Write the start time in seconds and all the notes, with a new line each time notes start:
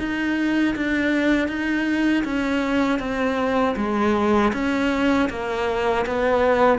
0.00 D#4
0.76 D4
1.48 D#4
2.25 C#4
3.00 C4
3.77 G#3
4.54 C#4
5.30 A#3
6.07 B3